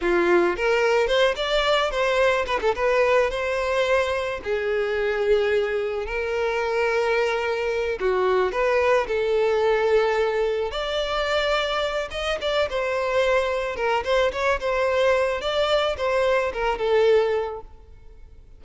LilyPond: \new Staff \with { instrumentName = "violin" } { \time 4/4 \tempo 4 = 109 f'4 ais'4 c''8 d''4 c''8~ | c''8 b'16 a'16 b'4 c''2 | gis'2. ais'4~ | ais'2~ ais'8 fis'4 b'8~ |
b'8 a'2. d''8~ | d''2 dis''8 d''8 c''4~ | c''4 ais'8 c''8 cis''8 c''4. | d''4 c''4 ais'8 a'4. | }